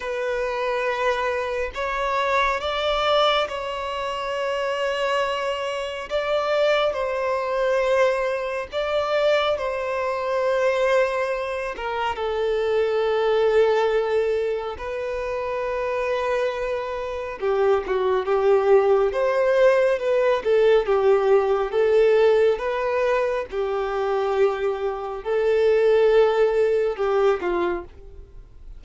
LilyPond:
\new Staff \with { instrumentName = "violin" } { \time 4/4 \tempo 4 = 69 b'2 cis''4 d''4 | cis''2. d''4 | c''2 d''4 c''4~ | c''4. ais'8 a'2~ |
a'4 b'2. | g'8 fis'8 g'4 c''4 b'8 a'8 | g'4 a'4 b'4 g'4~ | g'4 a'2 g'8 f'8 | }